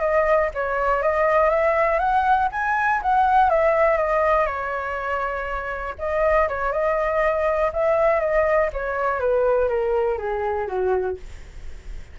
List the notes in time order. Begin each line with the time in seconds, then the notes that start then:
0.00 D#5
0.54 C#5
1.02 D#5
1.50 E5
1.99 F#5
2.52 G#5
3.02 F#5
3.50 E5
3.98 D#5
4.46 C#5
5.98 D#5
6.48 C#5
6.72 D#5
7.73 E5
8.20 D#5
8.73 C#5
9.20 B4
9.69 A#4
10.18 G#4
10.67 F#4